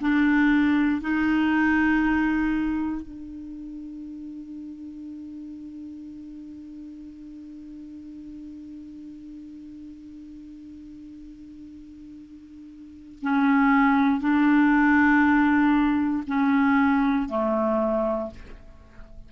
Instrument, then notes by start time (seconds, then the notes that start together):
clarinet
0.00 D4
1.01 D#4
3.02 D4
13.22 C#4
14.20 D4
16.27 C#4
17.28 A3